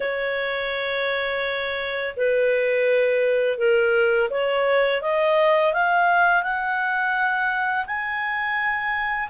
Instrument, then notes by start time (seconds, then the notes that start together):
clarinet
0.00 C#5
2.16 B4
3.57 A#4
4.30 C#5
5.01 D#5
5.73 F5
6.42 F#5
7.86 G#5